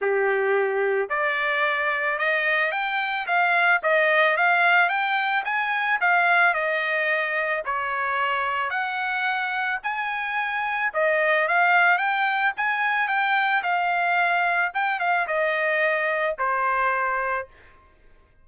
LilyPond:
\new Staff \with { instrumentName = "trumpet" } { \time 4/4 \tempo 4 = 110 g'2 d''2 | dis''4 g''4 f''4 dis''4 | f''4 g''4 gis''4 f''4 | dis''2 cis''2 |
fis''2 gis''2 | dis''4 f''4 g''4 gis''4 | g''4 f''2 g''8 f''8 | dis''2 c''2 | }